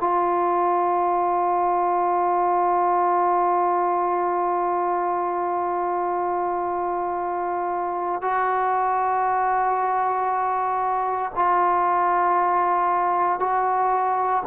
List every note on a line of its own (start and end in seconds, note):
0.00 8.21 F4
8.21 11.32 F#4
11.35 13.40 F4
13.40 14.43 F#4